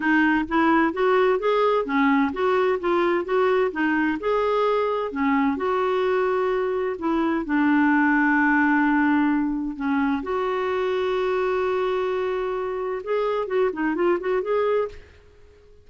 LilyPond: \new Staff \with { instrumentName = "clarinet" } { \time 4/4 \tempo 4 = 129 dis'4 e'4 fis'4 gis'4 | cis'4 fis'4 f'4 fis'4 | dis'4 gis'2 cis'4 | fis'2. e'4 |
d'1~ | d'4 cis'4 fis'2~ | fis'1 | gis'4 fis'8 dis'8 f'8 fis'8 gis'4 | }